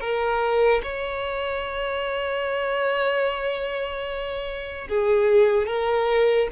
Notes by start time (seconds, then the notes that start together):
0.00 A#4
0.82 C#5
4.88 G#4
5.66 A#4